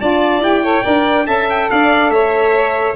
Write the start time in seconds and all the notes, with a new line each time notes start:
0.00 D4 F4 D5 A5
0.40 E4 G4 G5
0.63 A4 C#5
0.83 D4 A#4 D5
1.26 C#4 A4 E5 A5
1.50 G5
1.70 D4 D5 F5
2.10 A3 C#5 E5